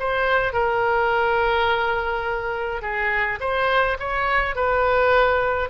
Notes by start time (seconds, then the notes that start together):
0.00 C5
0.54 A#4
2.82 G#4
3.41 C5
4.00 C#5
4.56 B4